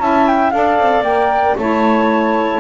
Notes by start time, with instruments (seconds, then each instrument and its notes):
0.00 double bass C#4, saxophone E4, clarinet E5, flute A5
0.28 flute G5
0.51 double bass D4, saxophone A4, clarinet D5, flute F5
0.79 double bass C4
1.02 double bass A#3, saxophone A#4, flute G5
1.58 double bass A3, saxophone E4, clarinet C#5, flute A5